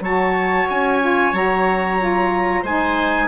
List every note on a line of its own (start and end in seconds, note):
0.00 0.65 F#3
0.00 1.01 F#4
0.00 2.62 C#5
0.00 0.69 A5
0.69 1.33 C#4
0.69 1.34 G#5
1.01 1.33 F4
1.33 2.62 F#3
1.33 1.99 F#4
1.33 2.65 A#5
1.99 2.64 F4
2.62 3.27 G#3
2.62 3.27 D#4
2.62 3.27 C5
2.62 3.27 G#5